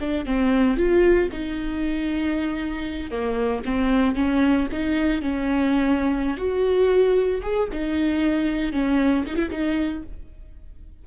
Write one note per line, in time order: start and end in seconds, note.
0.00 0.25 D4
0.25 0.77 C4
0.77 1.29 F4
1.32 3.11 D#4
3.11 3.63 A#3
3.65 4.15 C4
4.15 4.67 C#4
4.72 5.22 D#4
5.22 6.37 C#4
6.37 7.41 F#4
7.43 7.69 G#4
7.72 8.72 D#4
8.72 9.24 C#4
9.26 9.36 D#4
9.36 9.49 E4
9.51 10.03 D#4